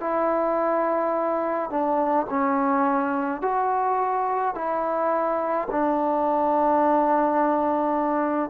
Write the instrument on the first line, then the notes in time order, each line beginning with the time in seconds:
trombone
0.00 E4
1.70 D4
2.30 C#4
3.42 F#4
4.54 E4
5.71 D4